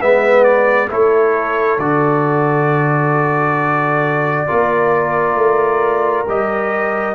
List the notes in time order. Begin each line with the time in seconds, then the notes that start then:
0.00 G#3 B3 B4 E5
0.43 D5
0.90 A3 E4 A4 C#5
1.78 D3 F#4 D5
4.47 A#3 F4 A#4
5.35 A3
6.27 G3 G4 D#5